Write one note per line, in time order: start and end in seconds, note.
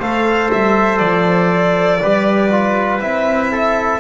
0.00 0.50 A3
0.00 2.01 A4
0.00 2.00 C5
0.00 0.51 F5
0.52 1.00 G3
0.52 0.98 E5
0.98 2.00 F3
0.98 2.98 D5
2.02 3.01 G3
2.02 2.51 G4
2.02 3.52 B4
2.51 3.00 F4
3.00 4.00 C4
3.00 4.00 E4
3.00 4.00 E5
3.52 4.00 A4